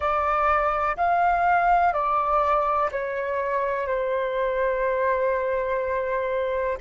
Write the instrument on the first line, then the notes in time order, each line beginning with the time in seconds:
flute
0.00 D5
0.96 F5
1.93 D5
2.91 C#5
3.87 C5